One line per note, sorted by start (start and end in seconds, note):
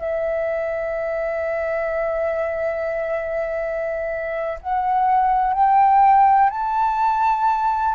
0.00 4.59 E5
4.61 5.54 F#5
5.54 6.51 G5
6.51 7.95 A5